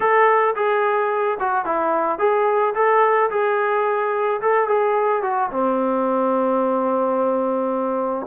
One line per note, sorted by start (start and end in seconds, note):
0.00 0.55 A4
0.55 1.38 G#4
1.39 1.65 F#4
1.65 2.18 E4
2.18 2.73 G#4
2.74 3.30 A4
3.30 4.40 G#4
4.41 4.67 A4
4.67 5.22 G#4
5.22 5.49 F#4
5.50 8.26 C4